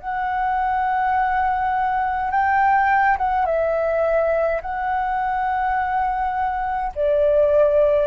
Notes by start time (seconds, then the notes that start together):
0.00 F#5
2.31 G5
3.18 F#5
3.46 E5
4.62 F#5
6.95 D5